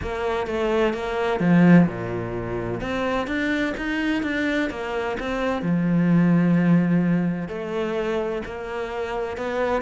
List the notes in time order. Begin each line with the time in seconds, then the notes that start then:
0.01 A#3
0.46 A3
0.93 A#3
1.40 F3
1.87 A#2
2.81 C4
3.27 D4
3.77 D#4
4.23 D4
4.70 A#3
5.19 C4
5.62 F3
7.48 A3
8.45 A#3
9.37 B3